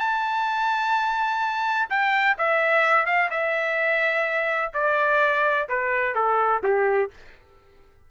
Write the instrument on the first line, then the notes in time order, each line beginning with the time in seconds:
trumpet
0.00 A5
1.90 G5
2.38 E5
3.06 F5
3.31 E5
4.74 D5
5.69 B4
6.15 A4
6.63 G4